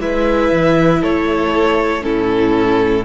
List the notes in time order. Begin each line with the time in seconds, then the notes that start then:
0.00 G#3 E4 B4 E5
0.51 E3
1.01 A3 A4 C#5
2.01 A2 C#4 E4 A4